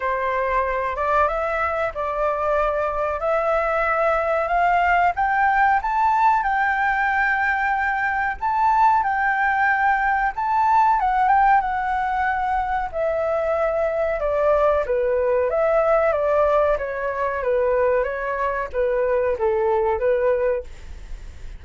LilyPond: \new Staff \with { instrumentName = "flute" } { \time 4/4 \tempo 4 = 93 c''4. d''8 e''4 d''4~ | d''4 e''2 f''4 | g''4 a''4 g''2~ | g''4 a''4 g''2 |
a''4 fis''8 g''8 fis''2 | e''2 d''4 b'4 | e''4 d''4 cis''4 b'4 | cis''4 b'4 a'4 b'4 | }